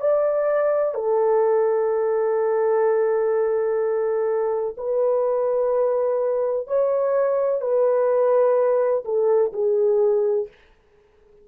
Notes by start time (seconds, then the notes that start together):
0.00 D5
0.94 A4
4.77 B4
6.67 C#5
7.61 B4
9.04 A4
9.52 G#4